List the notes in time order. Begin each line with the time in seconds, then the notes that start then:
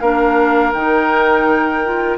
0.00 A#3 D4 A#4 F5
0.73 D#3 D#4 G5
1.85 F4